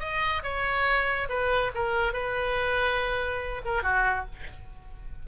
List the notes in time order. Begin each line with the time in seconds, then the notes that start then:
0.00 D#5
0.43 C#5
1.29 B4
1.75 A#4
2.13 B4
3.65 A#4
3.83 F#4